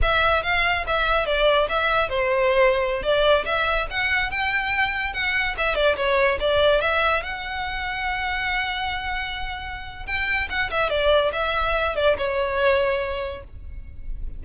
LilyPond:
\new Staff \with { instrumentName = "violin" } { \time 4/4 \tempo 4 = 143 e''4 f''4 e''4 d''4 | e''4 c''2~ c''16 d''8.~ | d''16 e''4 fis''4 g''4.~ g''16~ | g''16 fis''4 e''8 d''8 cis''4 d''8.~ |
d''16 e''4 fis''2~ fis''8.~ | fis''1 | g''4 fis''8 e''8 d''4 e''4~ | e''8 d''8 cis''2. | }